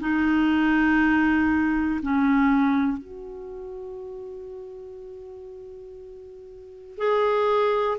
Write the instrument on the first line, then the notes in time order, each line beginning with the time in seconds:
clarinet
0.00 D#4
2.02 C#4
2.97 F#4
6.97 G#4